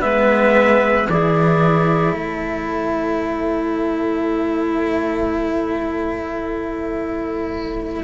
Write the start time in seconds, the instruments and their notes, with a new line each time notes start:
0.00 cello G#3 B3, clarinet B4, trumpet E5
1.08 cello E3 E4, clarinet G#4, trumpet D5
2.12 cello A3, clarinet A4, trumpet C#5